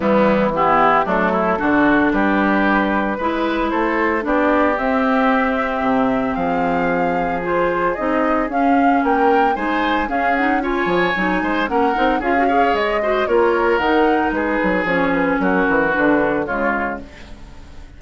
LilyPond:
<<
  \new Staff \with { instrumentName = "flute" } { \time 4/4 \tempo 4 = 113 e'4 g'4 a'2 | b'2. c''4 | d''4 e''2. | f''2 c''4 dis''4 |
f''4 g''4 gis''4 f''8 fis''8 | gis''2 fis''4 f''4 | dis''4 cis''4 fis''4 b'4 | cis''8 b'8 ais'4 b'4 cis''4 | }
  \new Staff \with { instrumentName = "oboe" } { \time 4/4 b4 e'4 d'8 e'8 fis'4 | g'2 b'4 a'4 | g'1 | gis'1~ |
gis'4 ais'4 c''4 gis'4 | cis''4. c''8 ais'4 gis'8 cis''8~ | cis''8 c''8 ais'2 gis'4~ | gis'4 fis'2 f'4 | }
  \new Staff \with { instrumentName = "clarinet" } { \time 4/4 g4 b4 a4 d'4~ | d'2 e'2 | d'4 c'2.~ | c'2 f'4 dis'4 |
cis'2 dis'4 cis'8 dis'8 | f'4 dis'4 cis'8 dis'8 f'16 fis'16 gis'8~ | gis'8 fis'8 f'4 dis'2 | cis'2 d'4 gis4 | }
  \new Staff \with { instrumentName = "bassoon" } { \time 4/4 e2 fis4 d4 | g2 gis4 a4 | b4 c'2 c4 | f2. c'4 |
cis'4 ais4 gis4 cis'4~ | cis'8 f8 fis8 gis8 ais8 c'8 cis'4 | gis4 ais4 dis4 gis8 fis8 | f4 fis8 e8 d4 cis4 | }
>>